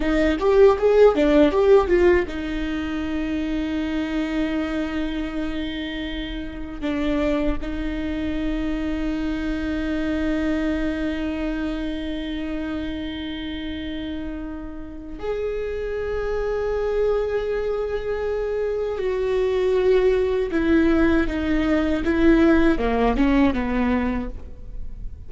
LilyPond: \new Staff \with { instrumentName = "viola" } { \time 4/4 \tempo 4 = 79 dis'8 g'8 gis'8 d'8 g'8 f'8 dis'4~ | dis'1~ | dis'4 d'4 dis'2~ | dis'1~ |
dis'1 | gis'1~ | gis'4 fis'2 e'4 | dis'4 e'4 ais8 cis'8 b4 | }